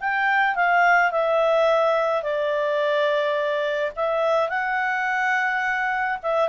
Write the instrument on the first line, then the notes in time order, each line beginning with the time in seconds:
clarinet
0.00 G5
0.55 F5
1.11 E5
2.22 D5
3.95 E5
4.49 F#5
6.22 E5